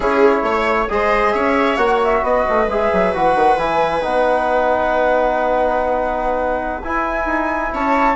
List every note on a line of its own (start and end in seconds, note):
0.00 0.42 C#4
0.00 0.88 E4
0.00 0.44 G#4
0.00 0.90 C#5
0.42 0.87 A3
0.42 0.90 C#5
0.88 1.34 G#3
0.88 1.77 G#4
0.88 1.34 C5
0.88 1.32 D#5
1.32 1.77 C#4
1.32 2.24 C#5
1.32 1.76 E5
1.76 2.21 A#3
1.76 2.67 F#4
1.76 1.99 F#5
2.04 2.25 E5
2.22 2.44 B3
2.22 7.72 B4
2.22 2.69 D#5
2.49 2.67 A3
2.67 2.90 G#3
2.67 3.13 G#4
2.67 3.14 E5
2.93 3.14 F#3
3.13 3.34 E3
3.13 3.58 F#4
3.13 3.58 F#5
3.34 3.56 D#3
3.56 4.01 E3
3.56 4.01 E4
3.56 4.03 G#5
4.01 6.84 B3
4.01 6.81 D#4
4.01 6.82 F#5
6.82 7.25 E4
6.82 8.15 E4
6.82 7.72 G#5
7.25 7.70 D#4
7.73 8.15 C#4
7.73 8.15 C#5
7.73 8.15 A5